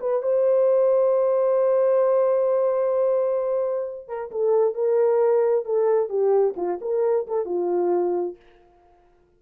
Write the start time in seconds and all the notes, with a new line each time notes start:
0.00 B4
0.22 C5
4.08 A#4
4.31 A4
4.74 A#4
5.65 A4
6.09 G4
6.56 F4
6.81 A#4
7.27 A4
7.45 F4